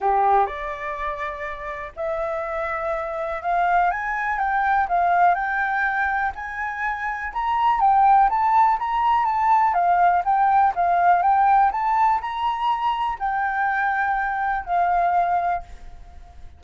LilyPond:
\new Staff \with { instrumentName = "flute" } { \time 4/4 \tempo 4 = 123 g'4 d''2. | e''2. f''4 | gis''4 g''4 f''4 g''4~ | g''4 gis''2 ais''4 |
g''4 a''4 ais''4 a''4 | f''4 g''4 f''4 g''4 | a''4 ais''2 g''4~ | g''2 f''2 | }